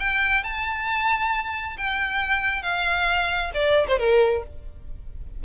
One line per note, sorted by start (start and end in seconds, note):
0.00 0.44 G5
0.44 1.77 A5
1.78 2.63 G5
2.63 3.52 F5
3.54 3.87 D5
3.88 3.99 C5
3.99 4.44 A#4